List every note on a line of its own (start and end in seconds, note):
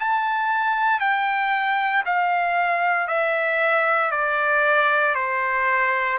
0.00 1.01 A5
1.01 2.04 G5
2.06 3.08 F5
3.08 4.11 E5
4.12 5.15 D5
5.15 6.19 C5